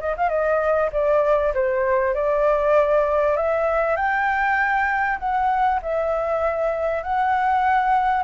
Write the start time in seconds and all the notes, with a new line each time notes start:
0.00 D#5
0.17 F5
0.29 D#5
0.92 D5
1.54 C5
2.14 D5
3.36 E5
3.96 G5
5.19 F#5
5.82 E5
7.03 F#5